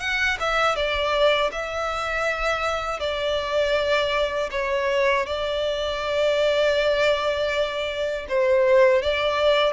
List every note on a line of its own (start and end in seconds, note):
0.00 0.38 F#5
0.40 0.76 E5
0.76 1.51 D5
1.52 3.00 E5
3.00 4.50 D5
4.51 5.26 C#5
5.26 8.26 D5
8.29 9.02 C5
9.02 9.73 D5